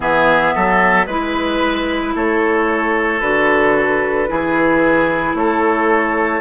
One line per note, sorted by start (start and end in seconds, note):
0.00 0.53 E3
0.00 1.06 B3
0.00 0.54 G#4
0.00 1.06 E5
0.55 1.06 F#3
0.55 1.06 A4
1.06 2.14 G#3
1.06 3.21 E4
1.06 2.13 B4
2.15 3.21 A3
2.15 4.29 A4
2.15 3.20 C#5
3.20 4.28 D3
3.20 4.27 F#4
3.20 5.34 B4
4.27 5.34 E3
4.27 6.41 E4
4.27 5.37 G#4
5.34 6.41 A3
5.34 6.41 A4
5.34 6.41 C#5